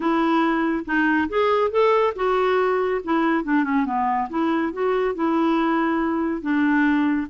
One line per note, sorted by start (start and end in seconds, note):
0.00 0.85 E4
0.85 1.28 D#4
1.29 1.70 G#4
1.70 2.13 A4
2.15 3.01 F#4
3.04 3.43 E4
3.43 3.64 D4
3.64 3.85 C#4
3.85 4.28 B3
4.29 4.72 E4
4.73 5.14 F#4
5.14 6.41 E4
6.41 7.27 D4